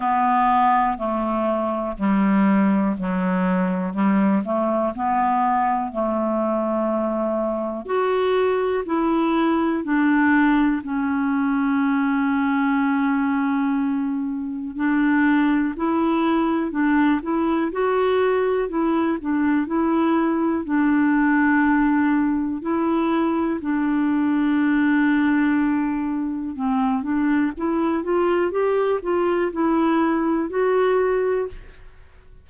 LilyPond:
\new Staff \with { instrumentName = "clarinet" } { \time 4/4 \tempo 4 = 61 b4 a4 g4 fis4 | g8 a8 b4 a2 | fis'4 e'4 d'4 cis'4~ | cis'2. d'4 |
e'4 d'8 e'8 fis'4 e'8 d'8 | e'4 d'2 e'4 | d'2. c'8 d'8 | e'8 f'8 g'8 f'8 e'4 fis'4 | }